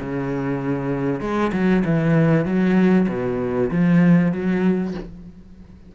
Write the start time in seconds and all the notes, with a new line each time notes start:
0.00 C#3
1.21 G#3
1.53 F#3
1.86 E3
2.46 F#3
3.09 B2
3.71 F3
4.33 F#3